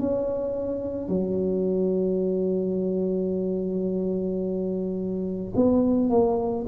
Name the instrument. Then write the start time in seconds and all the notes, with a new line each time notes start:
tuba
0.00 C#4
1.09 F#3
5.56 B3
6.10 A#3